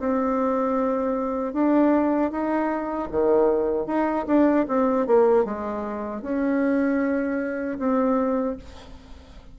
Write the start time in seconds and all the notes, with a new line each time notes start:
0.00 C4
1.54 D4
2.32 D#4
3.12 D#3
3.87 D#4
4.28 D4
4.69 C4
5.07 A#3
5.45 G#3
6.23 C#4
7.79 C4